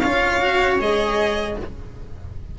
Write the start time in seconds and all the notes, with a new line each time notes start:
0.00 C#4 F4 C#5 F5
0.41 F#4
0.79 G#3 G#4 D#5